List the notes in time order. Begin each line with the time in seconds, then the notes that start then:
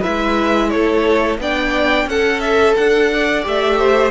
0.00 E4 B4 E5
0.07 G#3
0.69 A3 A4 C#5
1.38 B3 D4 D5 G5
2.05 C#4 A4 F#5
2.40 E5
2.76 D4 F#5
3.13 D5
3.43 A3 G4 E5
3.78 C5